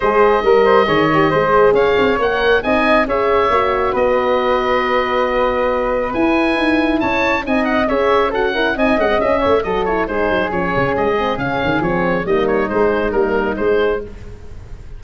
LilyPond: <<
  \new Staff \with { instrumentName = "oboe" } { \time 4/4 \tempo 4 = 137 dis''1 | f''4 fis''4 gis''4 e''4~ | e''4 dis''2.~ | dis''2 gis''2 |
a''4 gis''8 fis''8 e''4 fis''4 | gis''8 fis''8 e''4 dis''8 cis''8 c''4 | cis''4 dis''4 f''4 cis''4 | dis''8 cis''8 c''4 ais'4 c''4 | }
  \new Staff \with { instrumentName = "flute" } { \time 4/4 c''4 ais'8 c''8 cis''4 c''4 | cis''2 dis''4 cis''4~ | cis''4 b'2.~ | b'1 |
cis''4 dis''4 cis''4 a'8 ais'8 | dis''4. cis''8 a'4 gis'4~ | gis'1 | dis'1 | }
  \new Staff \with { instrumentName = "horn" } { \time 4/4 gis'4 ais'4 gis'8 g'8 gis'4~ | gis'4 ais'4 dis'4 gis'4 | fis'1~ | fis'2 e'2~ |
e'4 dis'4 gis'4 fis'8 e'8 | dis'8 cis'16 c'16 cis'4 fis'8 e'8 dis'4 | cis'4. c'8 cis'4 c'4 | ais4 gis4 ais4 gis4 | }
  \new Staff \with { instrumentName = "tuba" } { \time 4/4 gis4 g4 dis4 gis4 | cis'8 c'8 ais4 c'4 cis'4 | ais4 b2.~ | b2 e'4 dis'4 |
cis'4 c'4 cis'2 | c'8 gis8 cis'8 a8 fis4 gis8 fis8 | f8 cis8 gis4 cis8 dis8 f4 | g4 gis4 g4 gis4 | }
>>